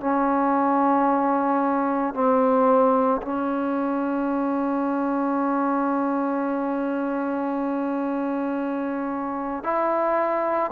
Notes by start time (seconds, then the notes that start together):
0.00 C#4
2.14 C4
3.21 C#4
9.63 E4